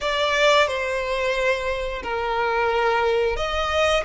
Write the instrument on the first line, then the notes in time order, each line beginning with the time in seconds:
violin
0.01 D5
0.67 C5
2.02 A#4
3.36 D#5